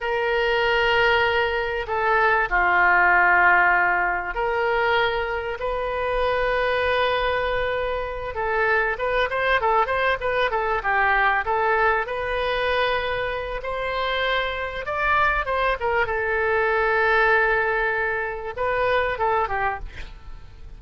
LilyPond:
\new Staff \with { instrumentName = "oboe" } { \time 4/4 \tempo 4 = 97 ais'2. a'4 | f'2. ais'4~ | ais'4 b'2.~ | b'4. a'4 b'8 c''8 a'8 |
c''8 b'8 a'8 g'4 a'4 b'8~ | b'2 c''2 | d''4 c''8 ais'8 a'2~ | a'2 b'4 a'8 g'8 | }